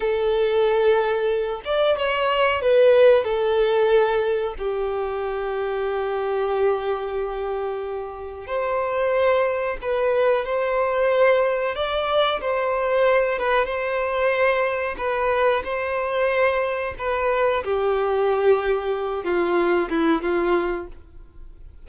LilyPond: \new Staff \with { instrumentName = "violin" } { \time 4/4 \tempo 4 = 92 a'2~ a'8 d''8 cis''4 | b'4 a'2 g'4~ | g'1~ | g'4 c''2 b'4 |
c''2 d''4 c''4~ | c''8 b'8 c''2 b'4 | c''2 b'4 g'4~ | g'4. f'4 e'8 f'4 | }